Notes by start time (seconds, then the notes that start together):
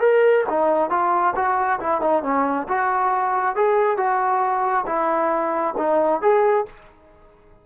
0.00 A#4
0.49 D#4
0.90 F4
1.35 F#4
1.80 E4
2.01 D#4
2.23 C#4
2.68 F#4
3.55 G#4
3.97 F#4
4.86 E4
5.78 D#4
6.21 G#4